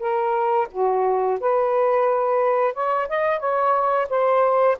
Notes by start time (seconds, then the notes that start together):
0.00 A#4
0.72 F#4
1.41 B4
2.74 C#5
3.09 D#5
3.39 C#5
4.09 C5